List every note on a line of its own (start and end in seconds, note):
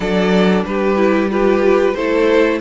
0.00 0.64 F#3
0.00 0.96 D4
0.00 0.65 A4
0.00 0.63 D5
0.64 1.95 G3
0.64 1.31 G4
0.64 1.30 B4
0.96 1.29 E4
1.30 1.95 F4
1.30 1.93 G4
1.30 1.96 B4
1.93 2.61 A3
1.93 2.61 E4
1.93 2.61 A4
1.93 2.59 C5